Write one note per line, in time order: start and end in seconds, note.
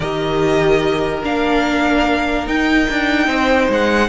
0.00 1.22 D#3
0.00 1.23 G4
0.00 3.29 A#4
0.00 1.23 D#5
1.23 2.47 A#3
1.23 2.46 D4
1.23 2.47 F5
2.46 4.08 D#4
2.46 2.88 D#4
2.46 3.71 G5
2.90 3.27 D4
3.27 3.68 C4
3.27 4.08 C5
3.69 4.08 G#3
3.69 4.08 F#5